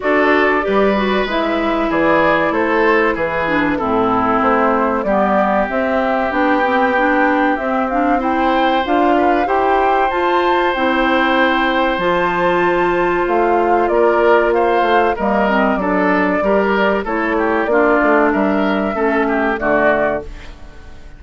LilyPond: <<
  \new Staff \with { instrumentName = "flute" } { \time 4/4 \tempo 4 = 95 d''2 e''4 d''4 | c''4 b'4 a'4 c''4 | d''4 e''4 g''2 | e''8 f''8 g''4 f''4 g''4 |
a''4 g''2 a''4~ | a''4 f''4 d''4 f''4 | dis''4 d''2 cis''4 | d''4 e''2 d''4 | }
  \new Staff \with { instrumentName = "oboe" } { \time 4/4 a'4 b'2 gis'4 | a'4 gis'4 e'2 | g'1~ | g'4 c''4. b'8 c''4~ |
c''1~ | c''2 ais'4 c''4 | ais'4 a'4 ais'4 a'8 g'8 | f'4 ais'4 a'8 g'8 fis'4 | }
  \new Staff \with { instrumentName = "clarinet" } { \time 4/4 fis'4 g'8 fis'8 e'2~ | e'4. d'8 c'2 | b4 c'4 d'8 c'8 d'4 | c'8 d'8 e'4 f'4 g'4 |
f'4 e'2 f'4~ | f'1 | ais8 c'8 d'4 g'4 e'4 | d'2 cis'4 a4 | }
  \new Staff \with { instrumentName = "bassoon" } { \time 4/4 d'4 g4 gis4 e4 | a4 e4 a,4 a4 | g4 c'4 b2 | c'2 d'4 e'4 |
f'4 c'2 f4~ | f4 a4 ais4. a8 | g4 fis4 g4 a4 | ais8 a8 g4 a4 d4 | }
>>